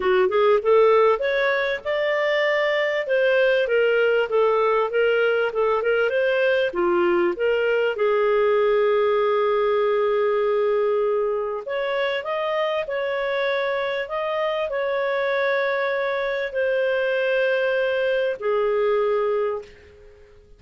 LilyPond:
\new Staff \with { instrumentName = "clarinet" } { \time 4/4 \tempo 4 = 98 fis'8 gis'8 a'4 cis''4 d''4~ | d''4 c''4 ais'4 a'4 | ais'4 a'8 ais'8 c''4 f'4 | ais'4 gis'2.~ |
gis'2. cis''4 | dis''4 cis''2 dis''4 | cis''2. c''4~ | c''2 gis'2 | }